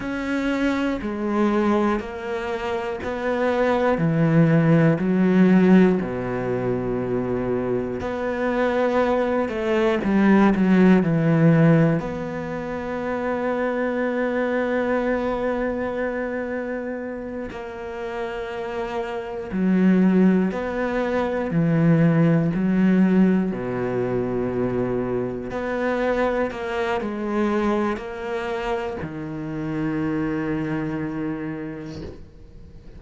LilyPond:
\new Staff \with { instrumentName = "cello" } { \time 4/4 \tempo 4 = 60 cis'4 gis4 ais4 b4 | e4 fis4 b,2 | b4. a8 g8 fis8 e4 | b1~ |
b4. ais2 fis8~ | fis8 b4 e4 fis4 b,8~ | b,4. b4 ais8 gis4 | ais4 dis2. | }